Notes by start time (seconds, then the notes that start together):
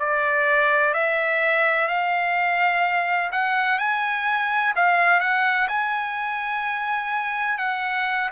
0.00 D5
0.94 E5
1.88 F5
3.32 F#5
3.79 G#5
4.76 F5
5.21 F#5
5.69 G#5
7.59 F#5